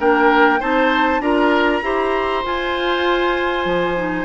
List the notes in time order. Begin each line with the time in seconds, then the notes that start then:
0.00 A#3 D4 A#4 G5
0.60 C4 D#4 C5 A5
1.20 D4 F4 A#4 A#5
1.83 E4 G4 C5
2.45 F4 G#5
3.66 F3
3.97 D#4